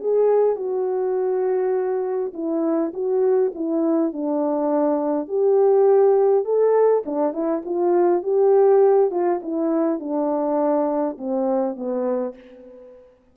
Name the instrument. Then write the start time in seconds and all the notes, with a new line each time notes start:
horn
0.00 G#4
0.56 F#4
2.33 E4
2.94 F#4
3.55 E4
4.13 D4
5.28 G4
6.45 A4
7.06 D4
7.33 E4
7.65 F4
8.23 G4
9.11 F4
9.43 E4
9.99 D4
11.18 C4
11.76 B3